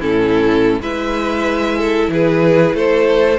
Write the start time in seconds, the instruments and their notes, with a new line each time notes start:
0.00 cello A2, viola C#4, violin E4 A4
0.80 cello G#3, viola E4, violin B4 E5
1.78 violin A4
2.09 cello E3, violin G#4 B4
2.74 cello A3, violin A4 C5